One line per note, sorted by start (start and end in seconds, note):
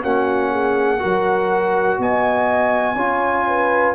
0.00 1.02 A#3
0.00 0.98 C#4
0.00 0.51 F#4
0.00 2.00 F#5
0.51 0.99 G#4
0.98 1.98 F#3
0.98 2.95 F#4
0.98 1.98 A#4
1.98 2.95 B3
1.98 2.95 D#5
1.98 3.94 G#5
2.95 3.94 C#4
2.95 3.94 F4
2.95 3.44 C#5
3.47 3.94 B4